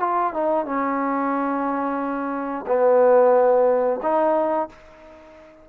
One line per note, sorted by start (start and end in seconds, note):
0.00 0.33 F4
0.33 0.65 D#4
0.65 2.65 C#4
2.67 4.00 B3
4.02 4.69 D#4